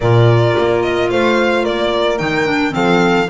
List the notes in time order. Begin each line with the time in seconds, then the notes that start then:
0.00 A#2 F4 A#4 D5
0.57 A#3
0.81 D#5
1.10 A3 C5 F5
1.63 A#3 A#4 D5
2.18 D#3 D#4 G5
2.46 D4
2.71 F3 C4 A4 F5